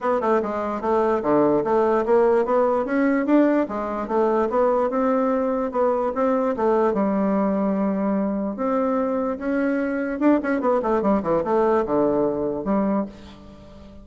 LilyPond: \new Staff \with { instrumentName = "bassoon" } { \time 4/4 \tempo 4 = 147 b8 a8 gis4 a4 d4 | a4 ais4 b4 cis'4 | d'4 gis4 a4 b4 | c'2 b4 c'4 |
a4 g2.~ | g4 c'2 cis'4~ | cis'4 d'8 cis'8 b8 a8 g8 e8 | a4 d2 g4 | }